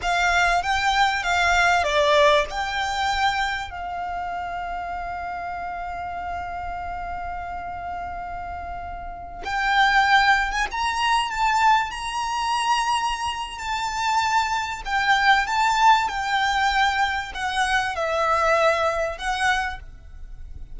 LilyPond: \new Staff \with { instrumentName = "violin" } { \time 4/4 \tempo 4 = 97 f''4 g''4 f''4 d''4 | g''2 f''2~ | f''1~ | f''2.~ f''16 g''8.~ |
g''4 gis''16 ais''4 a''4 ais''8.~ | ais''2 a''2 | g''4 a''4 g''2 | fis''4 e''2 fis''4 | }